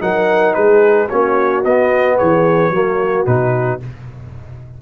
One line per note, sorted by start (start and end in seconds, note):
0.00 0.55 F#3
0.00 1.08 D#4
0.00 0.56 A#4
0.00 0.54 F#5
0.54 1.11 G#3
0.54 1.09 G#4
0.54 1.08 B4
1.09 1.65 A#3
1.09 1.65 C#4
1.09 2.17 F#4
1.09 1.64 C#5
1.65 2.19 B3
1.65 2.73 B3
1.65 2.18 D#5
2.18 2.70 E3
2.18 2.73 G#4
2.18 3.26 C#5
2.70 3.24 F#3
2.70 3.26 A#3
2.70 3.82 F#4
3.26 3.81 B2
3.26 3.80 D#4
3.26 3.80 B4